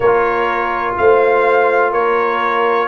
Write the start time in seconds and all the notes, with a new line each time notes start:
0.00 A#3 F4 A#4 C#5
0.97 A3 C5 F5
1.91 A#3 A#4 C#5